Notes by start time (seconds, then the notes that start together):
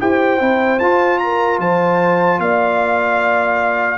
0.00 E4 G4 C5 G5
0.39 C4 E4
0.80 F4 A5
1.19 A#4 A#5
1.59 F3 C5 A5
2.39 A#3 D5 F5